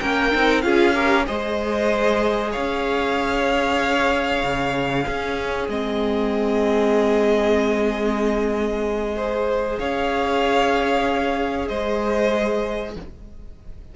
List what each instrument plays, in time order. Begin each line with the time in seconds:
0.00 cello A#3, viola C#4, violin A#4 G5
0.32 cello C4, viola D#4
0.62 cello C#4, viola F4, violin G#4 F5
0.94 viola G4, violin A#4
1.26 cello G#3, viola G#4, violin C5 D#5
2.51 cello C#4, violin C#5 F5
4.43 cello C#3
5.05 viola C#4, cello C#4, violin G#4
5.69 cello G#3, viola C4, violin D#5
9.16 viola G#4, violin C5
9.79 cello C#4, violin C#5 F5
11.68 cello G#3, violin C5 D#5